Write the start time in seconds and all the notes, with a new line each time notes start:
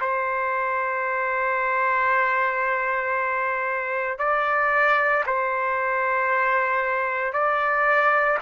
0.00 C5
4.18 D5
5.26 C5
7.33 D5